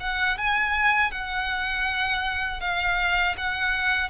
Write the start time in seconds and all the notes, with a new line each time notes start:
0.00 F#5
0.38 G#5
1.11 F#5
2.60 F5
3.37 F#5